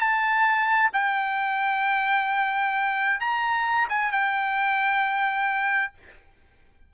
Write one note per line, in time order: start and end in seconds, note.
0.00 0.91 A5
0.93 3.20 G5
3.20 3.89 A#5
3.89 4.12 G#5
4.12 5.94 G5